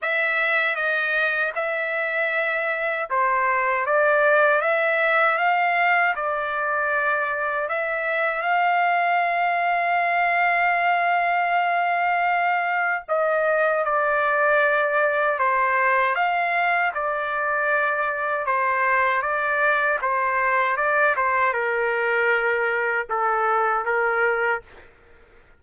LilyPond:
\new Staff \with { instrumentName = "trumpet" } { \time 4/4 \tempo 4 = 78 e''4 dis''4 e''2 | c''4 d''4 e''4 f''4 | d''2 e''4 f''4~ | f''1~ |
f''4 dis''4 d''2 | c''4 f''4 d''2 | c''4 d''4 c''4 d''8 c''8 | ais'2 a'4 ais'4 | }